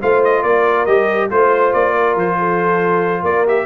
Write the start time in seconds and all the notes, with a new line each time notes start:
0.00 A3 F4 C5 F5
0.24 D#5
0.42 A#3 A#4 D5
0.86 G3 G4 D#5
1.31 A3 F4 C5
1.73 A#3 D5
1.95 A#4
2.16 F3 C5
2.39 A4
3.22 A#3 A#4 D5
3.47 G4 E5